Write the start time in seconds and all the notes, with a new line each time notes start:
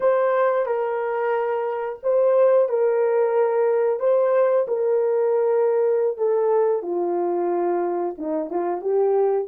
0.00 C5
0.65 A#4
2.02 C5
2.68 A#4
3.99 C5
4.67 A#4
6.17 A4
6.82 F4
8.18 D#4
8.50 F4
8.81 G4